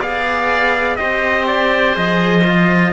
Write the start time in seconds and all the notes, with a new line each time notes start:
0.00 B3 G#4 D5 F5
0.96 C4 G4 C5 D#5
1.47 D5
1.93 F3 G#4 D#5
2.45 F4